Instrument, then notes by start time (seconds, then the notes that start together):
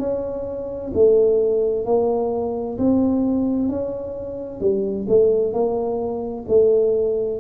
tuba
0.00 C#4
0.95 A3
1.85 A#3
2.78 C4
3.69 C#4
4.61 G3
5.09 A3
5.53 A#3
6.48 A3